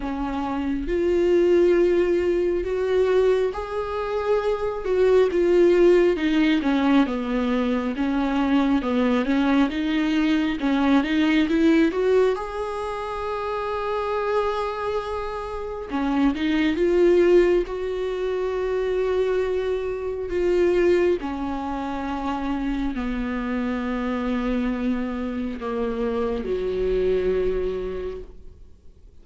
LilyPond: \new Staff \with { instrumentName = "viola" } { \time 4/4 \tempo 4 = 68 cis'4 f'2 fis'4 | gis'4. fis'8 f'4 dis'8 cis'8 | b4 cis'4 b8 cis'8 dis'4 | cis'8 dis'8 e'8 fis'8 gis'2~ |
gis'2 cis'8 dis'8 f'4 | fis'2. f'4 | cis'2 b2~ | b4 ais4 fis2 | }